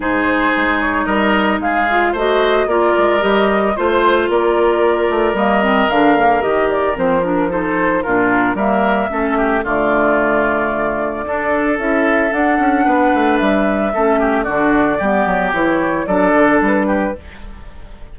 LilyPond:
<<
  \new Staff \with { instrumentName = "flute" } { \time 4/4 \tempo 4 = 112 c''4. cis''8 dis''4 f''4 | dis''4 d''4 dis''4 c''4 | d''2 dis''4 f''4 | dis''8 d''8 c''8 ais'8 c''4 ais'4 |
e''2 d''2~ | d''2 e''4 fis''4~ | fis''4 e''2 d''4~ | d''4 cis''4 d''4 b'4 | }
  \new Staff \with { instrumentName = "oboe" } { \time 4/4 gis'2 ais'4 gis'4 | c''4 ais'2 c''4 | ais'1~ | ais'2 a'4 f'4 |
ais'4 a'8 g'8 f'2~ | f'4 a'2. | b'2 a'8 g'8 fis'4 | g'2 a'4. g'8 | }
  \new Staff \with { instrumentName = "clarinet" } { \time 4/4 dis'2.~ dis'8 f'8 | fis'4 f'4 g'4 f'4~ | f'2 ais8 c'8 d'8 ais8 | g'4 c'8 d'8 dis'4 d'4 |
ais4 cis'4 a2~ | a4 d'4 e'4 d'4~ | d'2 cis'4 d'4 | b4 e'4 d'2 | }
  \new Staff \with { instrumentName = "bassoon" } { \time 4/4 gis,4 gis4 g4 gis4 | a4 ais8 gis8 g4 a4 | ais4. a8 g4 d4 | dis4 f2 ais,4 |
g4 a4 d2~ | d4 d'4 cis'4 d'8 cis'8 | b8 a8 g4 a4 d4 | g8 fis8 e4 fis8 d8 g4 | }
>>